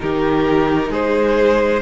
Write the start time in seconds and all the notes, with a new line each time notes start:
0.00 D#3 D#4 G4 A#4
0.89 G#3 G#4 C5